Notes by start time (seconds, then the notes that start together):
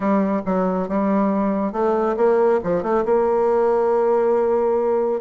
0.00 G3
0.45 F#3
0.88 G3
1.72 A3
2.16 A#3
2.63 F3
2.82 A3
3.05 A#3